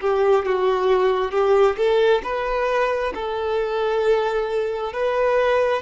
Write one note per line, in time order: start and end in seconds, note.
0.00 0.45 G4
0.45 1.31 F#4
1.31 1.76 G4
1.77 2.21 A4
2.23 3.13 B4
3.14 4.93 A4
4.93 5.82 B4